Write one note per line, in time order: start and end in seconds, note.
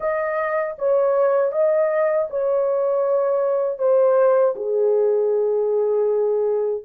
0.00 0.76 D#5
0.78 1.52 C#5
1.52 2.28 D#5
2.30 3.78 C#5
3.78 4.54 C5
4.55 6.83 G#4